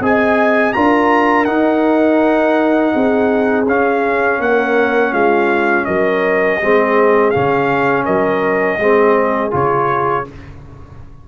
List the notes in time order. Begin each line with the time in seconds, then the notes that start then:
0.00 C4 G#4 D#5 G#5
0.73 D4 F4 A#4 A#5
1.45 D#4 F#5
2.93 C4 G#4
3.66 C#4 F5
4.39 A#3 A#4 F#5
5.12 G#3 F4 F5
5.85 F#3 A#4 D#5
6.61 G#3 C4 G#4
7.30 C#3 C#4 F5
8.05 F#3 A#4 D#5
8.78 G#3 C4 G#4
9.51 C#3 F4 C#5